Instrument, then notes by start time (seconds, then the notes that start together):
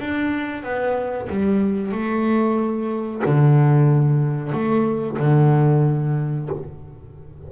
double bass
0.00 D4
0.63 B3
1.29 G3
1.92 A3
3.25 D3
4.52 A3
5.19 D3